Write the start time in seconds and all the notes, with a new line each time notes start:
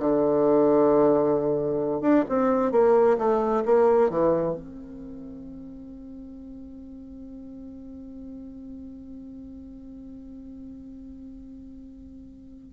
0.00 D3
2.02 D4
2.29 C4
2.72 A#3
3.18 A3
3.66 A#3
4.10 E3
4.55 C4